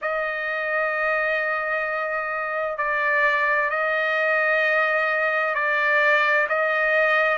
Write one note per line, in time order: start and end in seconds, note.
0.01 2.77 D#5
2.77 3.70 D5
3.70 5.54 D#5
5.54 6.47 D5
6.48 7.37 D#5